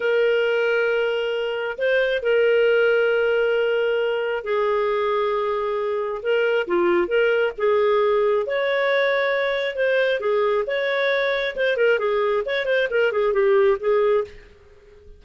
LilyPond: \new Staff \with { instrumentName = "clarinet" } { \time 4/4 \tempo 4 = 135 ais'1 | c''4 ais'2.~ | ais'2 gis'2~ | gis'2 ais'4 f'4 |
ais'4 gis'2 cis''4~ | cis''2 c''4 gis'4 | cis''2 c''8 ais'8 gis'4 | cis''8 c''8 ais'8 gis'8 g'4 gis'4 | }